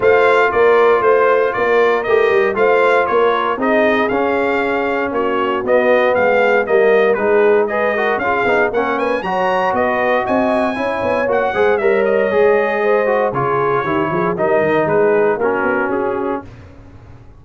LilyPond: <<
  \new Staff \with { instrumentName = "trumpet" } { \time 4/4 \tempo 4 = 117 f''4 d''4 c''4 d''4 | dis''4 f''4 cis''4 dis''4 | f''2 cis''4 dis''4 | f''4 dis''4 b'4 dis''4 |
f''4 fis''8 gis''8 ais''4 dis''4 | gis''2 fis''4 e''8 dis''8~ | dis''2 cis''2 | dis''4 b'4 ais'4 gis'4 | }
  \new Staff \with { instrumentName = "horn" } { \time 4/4 c''4 ais'4 c''4 ais'4~ | ais'4 c''4 ais'4 gis'4~ | gis'2 fis'2 | gis'4 ais'4 gis'4 b'8 ais'8 |
gis'4 ais'8 b'8 cis''4 b'4 | dis''4 cis''4. c''8 cis''4~ | cis''4 c''4 gis'4 g'8 gis'8 | ais'4 gis'4 fis'2 | }
  \new Staff \with { instrumentName = "trombone" } { \time 4/4 f'1 | g'4 f'2 dis'4 | cis'2. b4~ | b4 ais4 dis'4 gis'8 fis'8 |
f'8 dis'8 cis'4 fis'2~ | fis'4 e'4 fis'8 gis'8 ais'4 | gis'4. fis'8 f'4 e'4 | dis'2 cis'2 | }
  \new Staff \with { instrumentName = "tuba" } { \time 4/4 a4 ais4 a4 ais4 | a8 g8 a4 ais4 c'4 | cis'2 ais4 b4 | gis4 g4 gis2 |
cis'8 b8 ais4 fis4 b4 | c'4 cis'8 b8 ais8 gis8 g4 | gis2 cis4 dis8 f8 | g8 dis8 gis4 ais8 b8 cis'4 | }
>>